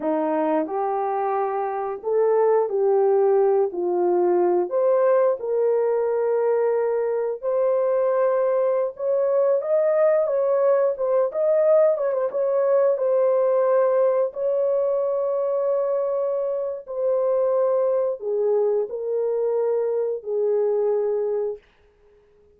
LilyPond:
\new Staff \with { instrumentName = "horn" } { \time 4/4 \tempo 4 = 89 dis'4 g'2 a'4 | g'4. f'4. c''4 | ais'2. c''4~ | c''4~ c''16 cis''4 dis''4 cis''8.~ |
cis''16 c''8 dis''4 cis''16 c''16 cis''4 c''8.~ | c''4~ c''16 cis''2~ cis''8.~ | cis''4 c''2 gis'4 | ais'2 gis'2 | }